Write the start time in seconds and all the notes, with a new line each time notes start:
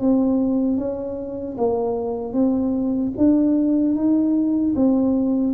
0.00 C4
0.78 C#4
1.57 A#3
2.33 C4
3.17 D4
3.95 D#4
4.75 C4